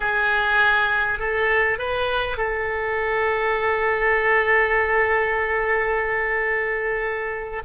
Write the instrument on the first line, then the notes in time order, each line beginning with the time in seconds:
oboe
0.00 G#4
1.19 A4
1.78 B4
2.37 A4